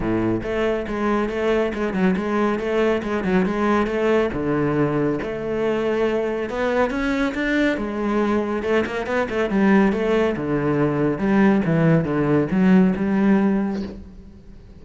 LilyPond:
\new Staff \with { instrumentName = "cello" } { \time 4/4 \tempo 4 = 139 a,4 a4 gis4 a4 | gis8 fis8 gis4 a4 gis8 fis8 | gis4 a4 d2 | a2. b4 |
cis'4 d'4 gis2 | a8 ais8 b8 a8 g4 a4 | d2 g4 e4 | d4 fis4 g2 | }